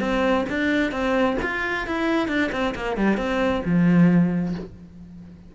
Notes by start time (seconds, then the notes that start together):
0.00 C4
0.49 D4
0.91 C4
1.42 F4
1.86 E4
2.28 D4
2.52 C4
2.75 A#3
2.97 G3
3.17 C4
3.65 F3